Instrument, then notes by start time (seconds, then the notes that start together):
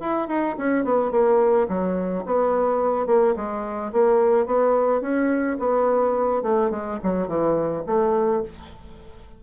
bassoon
0.00 E4
0.28 D#4
0.58 C#4
0.85 B3
1.11 A#3
1.68 F#3
2.26 B3
3.07 A#3
3.36 G#3
3.93 A#3
4.46 B3
5.01 C#4
5.59 B3
6.43 A3
6.71 G#3
7.03 F#3
7.28 E3
7.87 A3